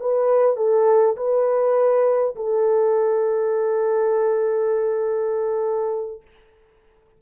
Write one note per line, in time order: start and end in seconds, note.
0.00 0.57 B4
0.57 1.16 A4
1.17 2.35 B4
2.36 6.22 A4